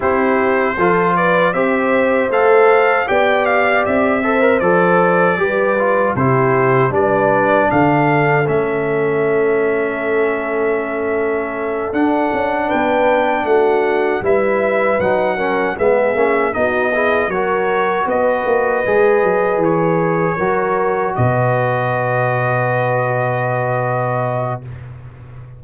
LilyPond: <<
  \new Staff \with { instrumentName = "trumpet" } { \time 4/4 \tempo 4 = 78 c''4. d''8 e''4 f''4 | g''8 f''8 e''4 d''2 | c''4 d''4 f''4 e''4~ | e''2.~ e''8 fis''8~ |
fis''8 g''4 fis''4 e''4 fis''8~ | fis''8 e''4 dis''4 cis''4 dis''8~ | dis''4. cis''2 dis''8~ | dis''1 | }
  \new Staff \with { instrumentName = "horn" } { \time 4/4 g'4 a'8 b'8 c''2 | d''4. c''4. b'4 | g'4 b'4 a'2~ | a'1~ |
a'8 b'4 fis'4 b'4. | ais'8 gis'4 fis'8 gis'8 ais'4 b'8~ | b'2~ b'8 ais'4 b'8~ | b'1 | }
  \new Staff \with { instrumentName = "trombone" } { \time 4/4 e'4 f'4 g'4 a'4 | g'4. a'16 ais'16 a'4 g'8 f'8 | e'4 d'2 cis'4~ | cis'2.~ cis'8 d'8~ |
d'2~ d'8 e'4 dis'8 | cis'8 b8 cis'8 dis'8 e'8 fis'4.~ | fis'8 gis'2 fis'4.~ | fis'1 | }
  \new Staff \with { instrumentName = "tuba" } { \time 4/4 c'4 f4 c'4 a4 | b4 c'4 f4 g4 | c4 g4 d4 a4~ | a2.~ a8 d'8 |
cis'8 b4 a4 g4 fis8~ | fis8 gis8 ais8 b4 fis4 b8 | ais8 gis8 fis8 e4 fis4 b,8~ | b,1 | }
>>